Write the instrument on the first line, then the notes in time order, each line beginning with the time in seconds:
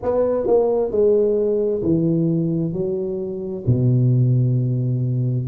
tuba
0.02 B3
0.46 A#3
0.91 G#3
1.82 E3
2.72 F#3
3.66 B2